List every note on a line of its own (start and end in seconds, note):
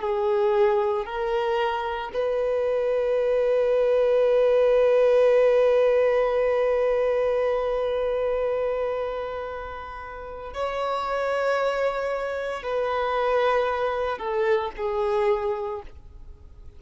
0.00 1.05 G#4
1.05 2.11 A#4
2.13 10.53 B4
10.53 12.63 C#5
12.63 14.18 B4
14.18 14.70 A4
14.77 15.82 G#4